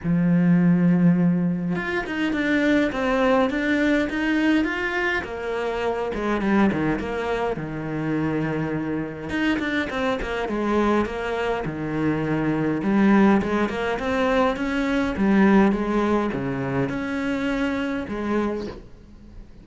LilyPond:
\new Staff \with { instrumentName = "cello" } { \time 4/4 \tempo 4 = 103 f2. f'8 dis'8 | d'4 c'4 d'4 dis'4 | f'4 ais4. gis8 g8 dis8 | ais4 dis2. |
dis'8 d'8 c'8 ais8 gis4 ais4 | dis2 g4 gis8 ais8 | c'4 cis'4 g4 gis4 | cis4 cis'2 gis4 | }